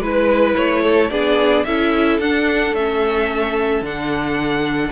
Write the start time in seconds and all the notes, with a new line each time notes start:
0.00 G#3 E4 B4
0.56 A3 C#5
0.83 A4
1.10 B3 D4 G#4 D5
1.65 C#4 E4 A4 E5
2.19 D4 F#5
2.73 A3 C#4 E5
3.82 D3 D4 F#5